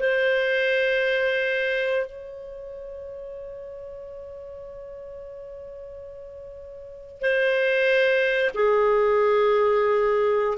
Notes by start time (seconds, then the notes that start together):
0.00 C5
2.06 C#5
7.22 C5
8.55 G#4